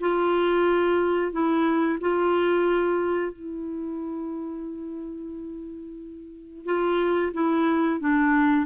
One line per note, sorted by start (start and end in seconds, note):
0.00 1.32 F4
1.32 1.98 E4
2.00 3.32 F4
3.32 6.65 E4
6.65 7.32 F4
7.33 8.00 E4
8.00 8.66 D4